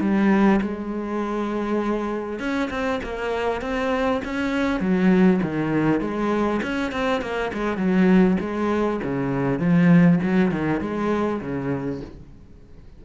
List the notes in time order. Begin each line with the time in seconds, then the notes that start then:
0.00 G3
0.61 G#3
2.39 C#4
2.70 C4
3.04 A#3
3.61 C4
4.24 C#4
4.80 F#3
5.42 D#3
6.01 G#3
6.62 C#4
6.92 C4
7.21 A#3
7.53 G#3
7.77 F#3
8.40 G#3
9.04 C#3
9.59 F3
10.23 F#3
10.51 D#3
10.81 G#3
11.41 C#3